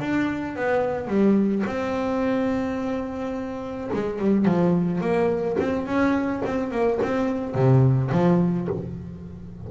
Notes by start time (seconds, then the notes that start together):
0.00 D4
0.56 B3
1.08 G3
1.66 C4
3.93 G#3
4.19 G3
4.45 F3
5.01 A#3
5.60 C4
5.86 C#4
6.45 C4
6.71 A#3
7.03 C4
7.55 C3
8.12 F3